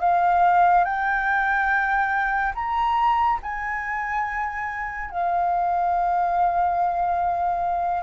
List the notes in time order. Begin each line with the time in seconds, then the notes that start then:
0.00 F5
0.85 G5
2.55 A#5
3.43 G#5
5.10 F5